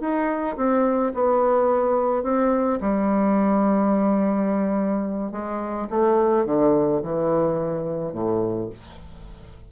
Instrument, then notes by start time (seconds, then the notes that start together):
bassoon
0.00 D#4
0.56 C4
1.14 B3
2.23 C4
2.80 G3
5.31 G#3
5.89 A3
6.45 D3
7.02 E3
8.12 A2